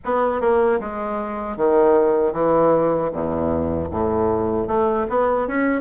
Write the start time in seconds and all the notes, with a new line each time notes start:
0.05 B3
0.40 A#3
0.80 G#3
1.56 D#3
2.32 E3
3.12 E2
3.91 A2
4.67 A3
5.09 B3
5.47 C#4